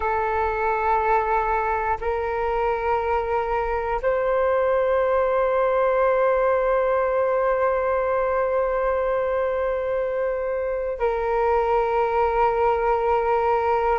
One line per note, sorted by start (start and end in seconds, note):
0.00 1.97 A4
2.00 4.00 A#4
4.02 10.99 C5
10.99 13.98 A#4